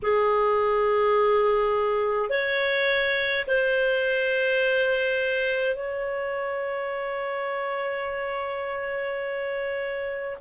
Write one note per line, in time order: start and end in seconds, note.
0.02 2.29 G#4
2.29 3.45 C#5
3.47 5.75 C5
5.75 10.37 C#5